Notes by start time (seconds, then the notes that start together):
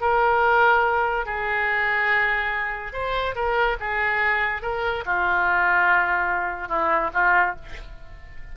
0.00 A#4
1.25 G#4
2.93 C5
3.35 A#4
3.80 G#4
4.62 A#4
5.05 F4
6.68 E4
7.13 F4